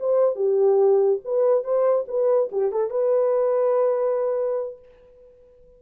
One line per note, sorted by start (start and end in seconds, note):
0.00 0.36 C5
0.36 1.20 G4
1.25 1.64 B4
1.64 2.06 C5
2.08 2.50 B4
2.52 2.72 G4
2.72 2.90 A4
2.90 4.79 B4